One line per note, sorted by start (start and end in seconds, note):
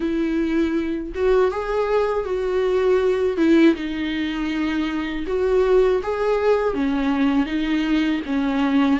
0.00 1.12 E4
1.15 1.51 F#4
1.51 2.24 G#4
2.24 3.37 F#4
3.37 3.74 E4
3.75 5.25 D#4
5.26 6.01 F#4
6.02 6.73 G#4
6.73 7.46 C#4
7.46 8.21 D#4
8.26 9.00 C#4